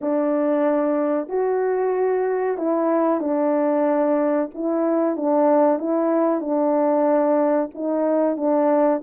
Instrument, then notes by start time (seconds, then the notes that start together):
horn
0.01 D4
1.28 F#4
2.57 E4
3.20 D4
4.54 E4
5.16 D4
5.79 E4
6.40 D4
7.74 D#4
8.37 D4